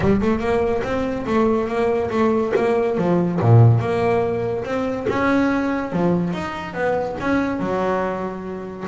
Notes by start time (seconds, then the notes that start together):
0.00 G3
0.21 A3
0.39 A#3
0.83 C4
1.26 A3
1.67 A#3
2.10 A3
2.55 A#3
2.97 F3
3.40 A#2
3.79 A#3
4.64 C4
5.08 C#4
5.92 F3
6.33 D#4
6.73 B3
7.20 C#4
7.59 F#3